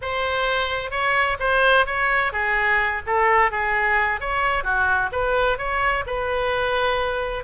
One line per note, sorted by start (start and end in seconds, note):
0.01 0.90 C5
0.90 1.37 C#5
1.39 1.86 C5
1.86 2.32 C#5
2.32 3.02 G#4
3.06 3.51 A4
3.51 4.20 G#4
4.20 4.63 C#5
4.63 5.10 F#4
5.11 5.58 B4
5.58 6.04 C#5
6.06 7.44 B4